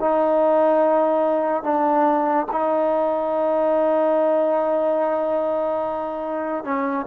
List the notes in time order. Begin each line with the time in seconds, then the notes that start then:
0.00 D#4
1.63 D4
2.52 D#4
6.64 C#4